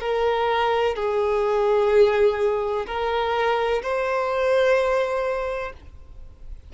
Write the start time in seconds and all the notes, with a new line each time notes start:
0.00 A#4
0.95 G#4
2.87 A#4
3.82 C5